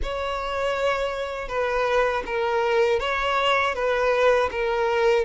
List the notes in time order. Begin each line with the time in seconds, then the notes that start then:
0.02 C#5
1.48 B4
2.26 A#4
2.99 C#5
3.74 B4
4.51 A#4